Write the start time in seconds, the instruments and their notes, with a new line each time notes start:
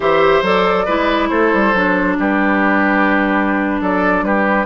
0.00 bassoon E3, clarinet G4, oboe C5, flute E5
0.42 bassoon F#3, clarinet A4, flute D5
0.85 bassoon G#3, clarinet E4, oboe B4
1.28 bassoon A3, oboe A4, flute C5
1.53 bassoon G3
1.74 bassoon F#3, clarinet D4
2.18 bassoon G3, oboe G4, flute B4
3.80 bassoon F#3, oboe A4, flute D5
4.22 bassoon G3, oboe G4, flute B4